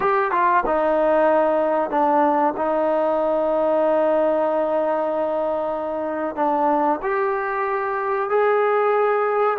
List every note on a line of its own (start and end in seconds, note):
0.00 0.31 G4
0.31 0.63 F4
0.66 1.90 D#4
1.90 2.54 D4
2.56 6.35 D#4
6.35 6.99 D4
7.02 8.29 G4
8.29 9.57 G#4